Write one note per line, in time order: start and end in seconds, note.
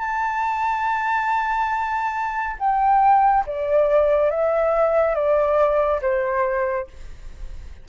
0.00 2.57 A5
2.59 3.45 G5
3.47 4.31 D5
4.31 5.15 E5
5.15 6.01 D5
6.02 6.88 C5